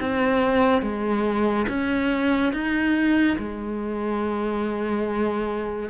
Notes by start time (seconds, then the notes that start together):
0.00 C4
0.82 G#3
1.68 C#4
2.52 D#4
3.38 G#3